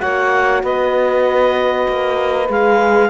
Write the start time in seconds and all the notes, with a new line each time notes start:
0.00 A#3 F#4 C#5 F#5
0.63 B3 B4 D#5
1.89 A#3
2.49 G#3 G#4 F5